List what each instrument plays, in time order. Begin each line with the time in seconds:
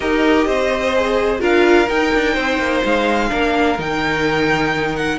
0.00 cello D#4, viola G4, violin A#4 D#5
0.46 cello C4, violin C5
0.95 viola G#4
1.39 cello D4, viola F4, violin A#4 F5
1.88 viola D#4, cello D#4, violin G5
2.14 cello D4
2.34 cello C4, violin C5
2.58 cello A#3
2.84 cello G#3, violin F5
3.29 cello A#3, viola D4, violin A#4
3.78 cello D#3, viola D#4, violin G5
4.95 violin F#5